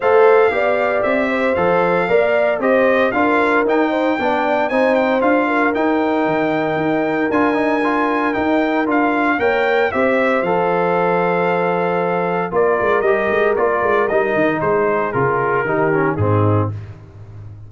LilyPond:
<<
  \new Staff \with { instrumentName = "trumpet" } { \time 4/4 \tempo 4 = 115 f''2 e''4 f''4~ | f''4 dis''4 f''4 g''4~ | g''4 gis''8 g''8 f''4 g''4~ | g''2 gis''2 |
g''4 f''4 g''4 e''4 | f''1 | d''4 dis''4 d''4 dis''4 | c''4 ais'2 gis'4 | }
  \new Staff \with { instrumentName = "horn" } { \time 4/4 c''4 d''4. c''4. | d''4 c''4 ais'4. c''8 | d''4 c''4. ais'4.~ | ais'1~ |
ais'2 cis''4 c''4~ | c''1 | ais'1 | gis'2 g'4 dis'4 | }
  \new Staff \with { instrumentName = "trombone" } { \time 4/4 a'4 g'2 a'4 | ais'4 g'4 f'4 dis'4 | d'4 dis'4 f'4 dis'4~ | dis'2 f'8 dis'8 f'4 |
dis'4 f'4 ais'4 g'4 | a'1 | f'4 g'4 f'4 dis'4~ | dis'4 f'4 dis'8 cis'8 c'4 | }
  \new Staff \with { instrumentName = "tuba" } { \time 4/4 a4 b4 c'4 f4 | ais4 c'4 d'4 dis'4 | b4 c'4 d'4 dis'4 | dis4 dis'4 d'2 |
dis'4 d'4 ais4 c'4 | f1 | ais8 gis8 g8 gis8 ais8 gis8 g8 dis8 | gis4 cis4 dis4 gis,4 | }
>>